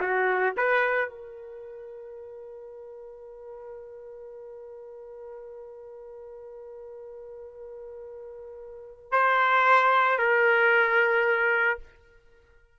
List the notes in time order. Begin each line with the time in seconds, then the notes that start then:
0.00 F#4
0.57 B4
1.09 A#4
9.12 C5
10.18 A#4